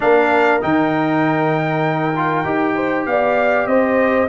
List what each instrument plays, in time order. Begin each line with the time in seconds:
0.00 tuba A#3, trombone D4, horn A#4, trumpet F5
0.60 tuba D#3, trombone D#4, trumpet G5
2.15 trombone F4
2.44 tuba D#4, trombone G4
2.75 horn C5
3.05 tuba B3, horn D5, trumpet F5
3.66 tuba C4, horn C5, trumpet D#5